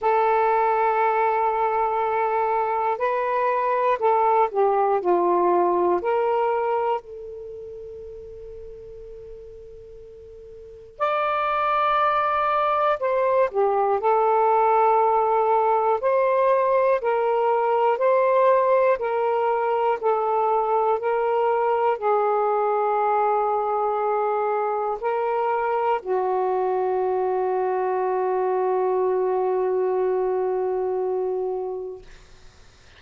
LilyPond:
\new Staff \with { instrumentName = "saxophone" } { \time 4/4 \tempo 4 = 60 a'2. b'4 | a'8 g'8 f'4 ais'4 a'4~ | a'2. d''4~ | d''4 c''8 g'8 a'2 |
c''4 ais'4 c''4 ais'4 | a'4 ais'4 gis'2~ | gis'4 ais'4 fis'2~ | fis'1 | }